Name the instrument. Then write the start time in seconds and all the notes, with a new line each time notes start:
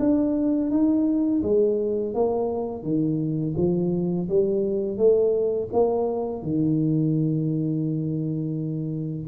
tuba
0.00 D4
0.71 D#4
1.43 G#3
2.15 A#3
2.83 D#3
3.58 F3
4.30 G3
4.98 A3
5.73 A#3
6.43 D#3